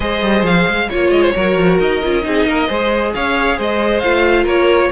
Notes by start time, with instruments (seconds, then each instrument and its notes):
0.00 cello G#3, viola G#4, violin C5 D#5
0.22 cello G3
0.42 cello F3, violin F5
0.67 cello G#3
0.89 cello A#3, viola F4, violin C#5
1.10 cello G#3, violin D#5
1.21 violin C5
1.35 cello F#3, viola F#4, violin A#4
1.56 cello F3
1.79 cello D#4, violin D#5
2.03 cello C#4, viola F4
2.22 cello C4, viola D#4, violin G#4
2.45 cello A#3, violin A#4
2.67 cello G#3, viola G#4, violin C5
3.14 cello C#4, violin C#5 F5
3.57 cello G#3, violin C5 D#5
3.99 cello A3, viola F4, violin F5
4.44 cello A#3, violin A#4 C#5